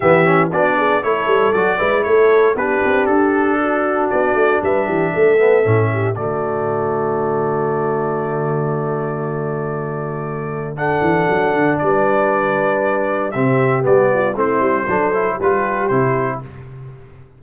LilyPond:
<<
  \new Staff \with { instrumentName = "trumpet" } { \time 4/4 \tempo 4 = 117 e''4 d''4 cis''4 d''4 | cis''4 b'4 a'2 | d''4 e''2. | d''1~ |
d''1~ | d''4 fis''2 d''4~ | d''2 e''4 d''4 | c''2 b'4 c''4 | }
  \new Staff \with { instrumentName = "horn" } { \time 4/4 g'4 fis'8 gis'8 a'4. b'8 | a'4 g'2 fis'4~ | fis'4 b'8 g'8 a'4. g'8 | fis'1~ |
fis'1~ | fis'4 a'2 b'4~ | b'2 g'4. f'8 | e'4 a'4 g'2 | }
  \new Staff \with { instrumentName = "trombone" } { \time 4/4 b8 cis'8 d'4 e'4 fis'8 e'8~ | e'4 d'2.~ | d'2~ d'8 b8 cis'4 | a1~ |
a1~ | a4 d'2.~ | d'2 c'4 b4 | c'4 d'8 e'8 f'4 e'4 | }
  \new Staff \with { instrumentName = "tuba" } { \time 4/4 e4 b4 a8 g8 fis8 gis8 | a4 b8 c'8 d'2 | b8 a8 g8 e8 a4 a,4 | d1~ |
d1~ | d4. e8 fis8 d8 g4~ | g2 c4 g4 | a8 g8 fis4 g4 c4 | }
>>